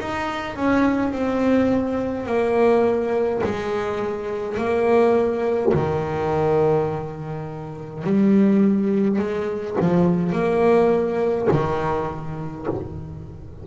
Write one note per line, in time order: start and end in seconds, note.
0.00 0.56 D#4
0.56 1.12 C#4
1.12 2.27 C4
2.27 3.42 A#3
3.44 4.58 G#3
4.58 5.73 A#3
5.74 8.05 D#3
8.05 9.19 G3
9.19 9.77 G#3
9.81 10.33 F3
10.33 11.49 A#3
11.52 12.67 D#3